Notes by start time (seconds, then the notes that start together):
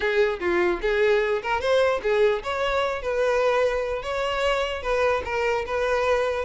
0.00 G#4
0.40 F4
0.81 G#4
1.42 A#4
1.60 C5
2.02 G#4
2.43 C#5
3.02 B4
4.02 C#5
4.82 B4
5.25 A#4
5.66 B4